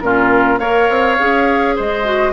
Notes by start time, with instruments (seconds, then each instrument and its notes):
0.00 bassoon A#2, clarinet C#4, oboe F4, flute A#4
0.58 bassoon A#3, clarinet A#4, oboe C#5, flute F5
0.89 bassoon C4
1.19 bassoon C#4, clarinet G#4
1.75 bassoon G#3, oboe C5, flute D#5
2.04 clarinet F#4